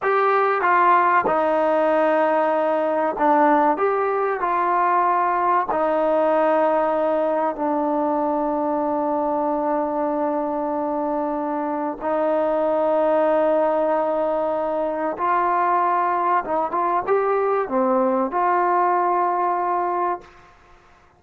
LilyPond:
\new Staff \with { instrumentName = "trombone" } { \time 4/4 \tempo 4 = 95 g'4 f'4 dis'2~ | dis'4 d'4 g'4 f'4~ | f'4 dis'2. | d'1~ |
d'2. dis'4~ | dis'1 | f'2 dis'8 f'8 g'4 | c'4 f'2. | }